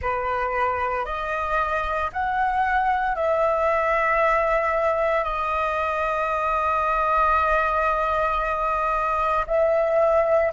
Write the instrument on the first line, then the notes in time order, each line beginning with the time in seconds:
flute
0.01 B4
1.05 D#5
2.12 F#5
3.15 E5
5.23 D#5
9.46 E5